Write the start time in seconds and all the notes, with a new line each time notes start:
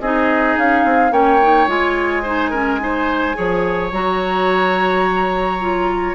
0.00 C4 D#4 G#4 D#5
0.57 C#4 F5
0.84 C4
1.11 A#3 C#4 C#5 G5
1.41 D#4
1.67 G#3 F4 G#5
2.22 D#4 C5
2.50 C#4 A#4
2.80 D#4 C5
3.34 F3 G#4 C#5
3.91 F#3 F#4 A#5
5.60 F4